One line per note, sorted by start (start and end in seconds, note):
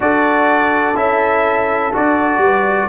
0.00 0.96 D4
0.00 0.95 F#4
0.00 2.42 A4
0.00 0.96 D5
0.95 1.93 C#4
0.95 1.92 E4
0.95 1.93 E5
1.93 2.37 D4
1.93 2.89 F#4
1.93 2.89 D5
2.37 2.85 G3
2.37 2.89 B4